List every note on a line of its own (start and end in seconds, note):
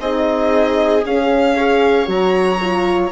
0.00 1.03 C4
0.00 1.04 D#4
0.00 1.56 G#4
0.00 1.04 D#5
1.05 2.08 C#4
1.05 1.57 C#4
1.05 2.09 F5
1.56 2.05 G#4
1.56 3.11 C#5
2.05 3.11 F#3
2.05 2.57 F#4
2.05 3.11 A#5
2.61 3.11 F4